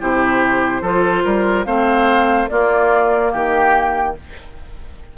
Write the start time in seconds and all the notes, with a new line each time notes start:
0.00 C3 E4 G4 C5
0.82 F3 F4 A4
1.24 G3 A#4
1.65 A3 C4 C5 F5
2.49 A#3 F4 D5
3.32 D#3 G4 G5